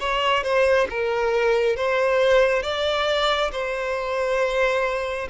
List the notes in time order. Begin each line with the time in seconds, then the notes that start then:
0.00 C#5
0.44 C5
0.90 A#4
1.77 C5
2.63 D5
3.52 C5